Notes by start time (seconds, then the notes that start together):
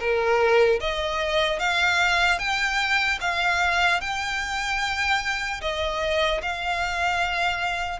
0.00 A#4
0.81 D#5
1.60 F5
2.39 G5
3.21 F5
4.01 G5
5.61 D#5
6.43 F5